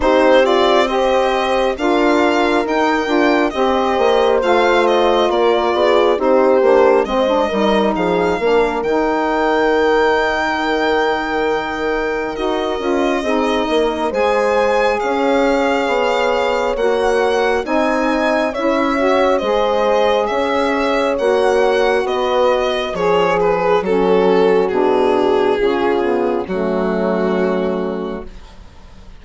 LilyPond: <<
  \new Staff \with { instrumentName = "violin" } { \time 4/4 \tempo 4 = 68 c''8 d''8 dis''4 f''4 g''4 | dis''4 f''8 dis''8 d''4 c''4 | dis''4 f''4 g''2~ | g''2 dis''2 |
gis''4 f''2 fis''4 | gis''4 e''4 dis''4 e''4 | fis''4 dis''4 cis''8 b'8 a'4 | gis'2 fis'2 | }
  \new Staff \with { instrumentName = "horn" } { \time 4/4 g'4 c''4 ais'2 | c''2 ais'8 gis'8 g'4 | c''8 ais'8 gis'8 ais'2~ ais'8~ | ais'2. gis'8 ais'8 |
c''4 cis''2. | dis''4 cis''4 c''4 cis''4~ | cis''4 b'4 gis'4 fis'4~ | fis'4 f'4 cis'2 | }
  \new Staff \with { instrumentName = "saxophone" } { \time 4/4 dis'8 f'8 g'4 f'4 dis'8 f'8 | g'4 f'2 dis'8 d'8 | c'16 d'16 dis'4 d'8 dis'2~ | dis'2 fis'8 f'8 dis'4 |
gis'2. fis'4 | dis'4 e'8 fis'8 gis'2 | fis'2 gis'4 cis'4 | d'4 cis'8 b8 a2 | }
  \new Staff \with { instrumentName = "bassoon" } { \time 4/4 c'2 d'4 dis'8 d'8 | c'8 ais8 a4 ais8 b8 c'8 ais8 | gis8 g8 f8 ais8 dis2~ | dis2 dis'8 cis'8 c'8 ais8 |
gis4 cis'4 b4 ais4 | c'4 cis'4 gis4 cis'4 | ais4 b4 f4 fis4 | b,4 cis4 fis2 | }
>>